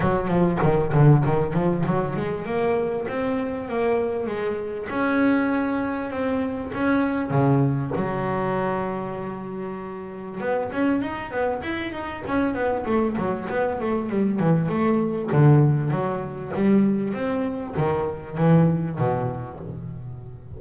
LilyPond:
\new Staff \with { instrumentName = "double bass" } { \time 4/4 \tempo 4 = 98 fis8 f8 dis8 d8 dis8 f8 fis8 gis8 | ais4 c'4 ais4 gis4 | cis'2 c'4 cis'4 | cis4 fis2.~ |
fis4 b8 cis'8 dis'8 b8 e'8 dis'8 | cis'8 b8 a8 fis8 b8 a8 g8 e8 | a4 d4 fis4 g4 | c'4 dis4 e4 b,4 | }